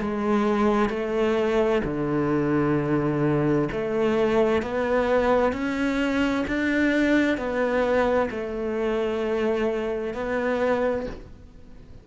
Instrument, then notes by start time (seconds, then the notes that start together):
cello
0.00 G#3
0.89 A3
1.84 D3
3.71 A3
4.62 B3
5.52 C#4
6.47 D4
7.37 B3
8.30 A3
10.14 B3